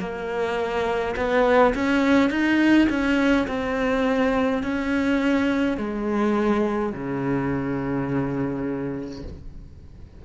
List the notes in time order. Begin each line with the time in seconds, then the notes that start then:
0.00 A#3
1.16 B3
1.75 C#4
2.31 D#4
2.90 C#4
3.48 C4
4.64 C#4
5.78 G#3
6.93 C#3